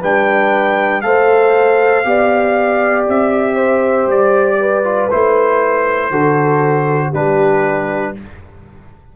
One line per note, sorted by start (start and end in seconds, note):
0.00 1.04 G3
0.00 1.03 D4
0.00 1.02 B4
0.00 1.02 G5
1.02 2.06 A3
1.02 2.05 A4
1.02 2.07 C5
1.02 3.05 F5
2.05 3.07 B3
2.05 4.84 G4
2.05 3.56 D5
3.08 4.07 C4
3.08 4.11 E5
3.56 4.57 C5
4.07 5.09 G3
4.07 5.11 D5
4.60 6.11 B4
4.84 5.10 F4
5.11 6.11 A3
5.11 6.12 E4
5.11 7.14 C5
6.11 7.13 D3
6.11 7.14 F#4
6.11 7.10 A4
7.10 8.17 G3
7.10 8.15 D4
7.10 8.12 G4
7.10 8.16 B4